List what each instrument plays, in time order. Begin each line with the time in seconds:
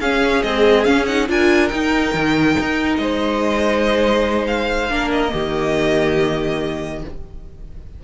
0.00 cello C#4, viola C#4, violin G#4 F5
0.43 viola G#3, cello C4, violin D#5
0.85 viola C#4, cello C#4, violin F5
1.06 viola D#4, violin F#5
1.28 cello D4, viola F4, violin A#4 G#5
1.69 viola D#4, cello D#4, violin G5
2.14 cello D#3
2.60 cello D#4
2.97 cello G#3, violin C5 D#5
4.48 violin F5
4.90 cello A#3, viola D4, violin A#4
5.12 violin D#5
5.29 cello D#3, viola A#3, violin G4